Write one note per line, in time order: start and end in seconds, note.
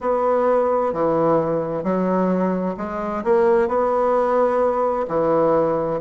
0.00 0.93 B3
0.93 1.83 E3
1.83 2.75 F#3
2.77 3.23 G#3
3.23 3.68 A#3
3.68 5.06 B3
5.08 6.00 E3